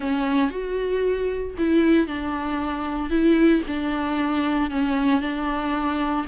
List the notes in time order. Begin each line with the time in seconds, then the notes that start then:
0.00 C#4
0.50 F#4
1.57 E4
2.07 D4
3.09 E4
3.67 D4
4.70 C#4
5.21 D4